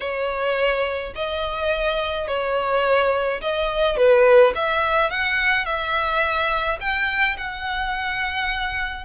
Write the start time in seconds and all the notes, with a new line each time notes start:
0.00 C#5
1.15 D#5
2.27 C#5
3.41 D#5
3.96 B4
4.55 E5
5.10 F#5
5.65 E5
6.80 G5
7.37 F#5